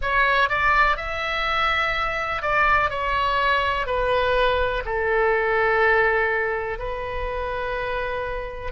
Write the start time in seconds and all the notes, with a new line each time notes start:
0.01 C#5
0.49 D5
0.96 E5
2.41 D5
2.89 C#5
3.86 B4
4.85 A4
6.78 B4